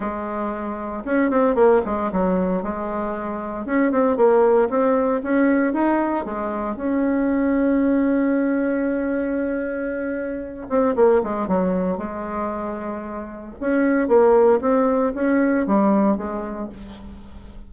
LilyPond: \new Staff \with { instrumentName = "bassoon" } { \time 4/4 \tempo 4 = 115 gis2 cis'8 c'8 ais8 gis8 | fis4 gis2 cis'8 c'8 | ais4 c'4 cis'4 dis'4 | gis4 cis'2.~ |
cis'1~ | cis'8 c'8 ais8 gis8 fis4 gis4~ | gis2 cis'4 ais4 | c'4 cis'4 g4 gis4 | }